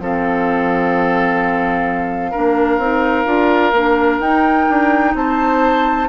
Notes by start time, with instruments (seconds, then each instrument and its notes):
0.00 bassoon F3, clarinet C4, oboe A4, flute F5
2.31 bassoon A#3, clarinet D4, oboe A#4
2.78 bassoon C4, clarinet D#4
3.25 bassoon D4, clarinet F4
3.72 bassoon A#3, clarinet D4
4.20 bassoon D#4, clarinet D#4, flute G5
4.70 bassoon D4
5.14 bassoon C4, oboe C5, flute A5